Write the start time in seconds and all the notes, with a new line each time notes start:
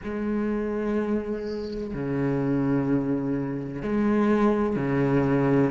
0.03 G#3
1.94 C#3
3.82 G#3
4.76 C#3